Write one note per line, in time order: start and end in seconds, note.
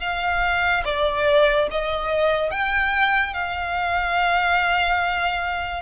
0.00 0.83 F5
0.84 1.67 D5
1.70 2.50 D#5
2.50 3.33 G5
3.33 5.81 F5